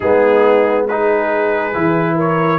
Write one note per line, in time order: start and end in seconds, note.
0.00 1.74 G#3
0.00 0.89 B3
0.00 0.85 D#4
0.00 0.85 G#4
0.88 1.73 D#4
0.88 2.15 G#4
0.88 2.18 B4
1.73 2.59 E3
1.73 2.59 E4
2.15 2.59 A#4
2.15 2.59 C#5